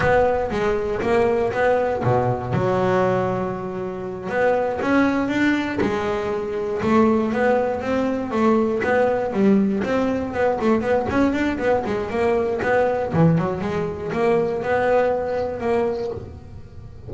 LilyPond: \new Staff \with { instrumentName = "double bass" } { \time 4/4 \tempo 4 = 119 b4 gis4 ais4 b4 | b,4 fis2.~ | fis8 b4 cis'4 d'4 gis8~ | gis4. a4 b4 c'8~ |
c'8 a4 b4 g4 c'8~ | c'8 b8 a8 b8 cis'8 d'8 b8 gis8 | ais4 b4 e8 fis8 gis4 | ais4 b2 ais4 | }